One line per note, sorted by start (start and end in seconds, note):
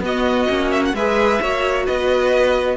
0.00 0.46 B3
0.00 0.48 B3
0.00 0.96 F#4
0.00 0.72 D#5
0.48 0.93 A#3
0.48 0.94 C#4
0.72 0.83 E5
0.85 0.95 F#5
0.93 1.40 G#3
0.93 1.41 G#4
0.93 1.42 B4
0.93 1.86 E5
1.41 1.88 A#3
1.41 2.77 F#4
1.41 1.85 C#5
1.85 2.77 B3
1.85 2.77 B4
1.85 2.77 D#5